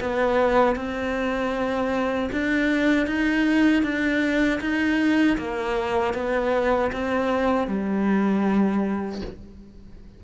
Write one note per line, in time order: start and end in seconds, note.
0.00 0.76 B3
0.76 2.30 C4
2.32 3.06 D4
3.06 3.83 D#4
3.83 4.60 D4
4.60 5.37 D#4
5.38 6.14 A#3
6.14 6.91 B3
6.92 7.67 C4
7.67 9.21 G3